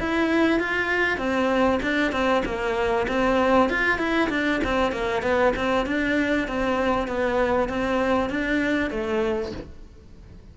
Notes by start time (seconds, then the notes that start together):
0.00 E4
0.60 F4
1.18 C4
1.83 D4
2.12 C4
2.45 A#3
3.08 C4
3.70 F4
3.99 E4
4.30 D4
4.64 C4
4.92 A#3
5.23 B3
5.56 C4
5.87 D4
6.48 C4
7.08 B3
7.69 C4
8.30 D4
8.91 A3